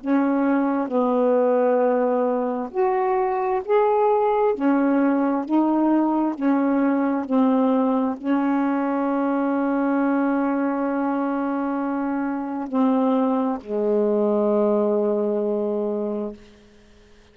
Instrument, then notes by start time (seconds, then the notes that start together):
saxophone
0.00 C#4
0.87 B3
2.70 F#4
3.64 G#4
4.54 C#4
5.45 D#4
6.34 C#4
7.25 C4
8.17 C#4
12.68 C4
13.60 G#3